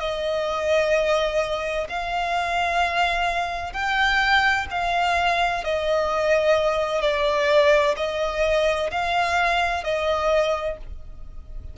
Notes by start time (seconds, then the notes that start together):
0.00 D#5
1.89 F5
3.73 G5
4.71 F5
5.65 D#5
7.02 D5
7.97 D#5
8.91 F5
9.84 D#5